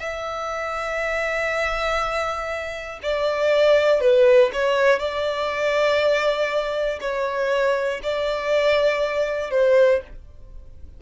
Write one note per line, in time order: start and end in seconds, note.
0.00 3.00 E5
3.03 4.01 D5
4.01 4.51 B4
4.54 5.00 C#5
5.00 7.00 D5
7.01 8.01 C#5
8.03 9.51 D5
9.51 10.01 C5